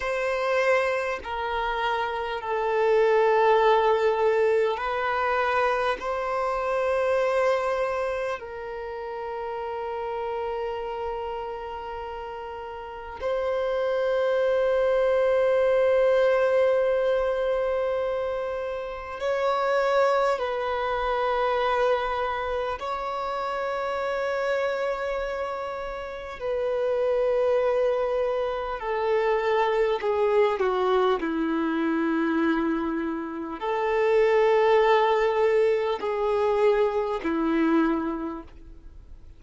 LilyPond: \new Staff \with { instrumentName = "violin" } { \time 4/4 \tempo 4 = 50 c''4 ais'4 a'2 | b'4 c''2 ais'4~ | ais'2. c''4~ | c''1 |
cis''4 b'2 cis''4~ | cis''2 b'2 | a'4 gis'8 fis'8 e'2 | a'2 gis'4 e'4 | }